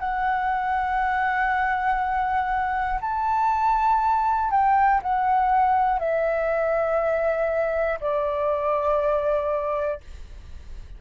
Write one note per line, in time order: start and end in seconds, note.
0.00 3.00 F#5
3.01 4.51 A5
4.51 5.01 G5
5.03 6.00 F#5
6.00 8.00 E5
8.01 10.01 D5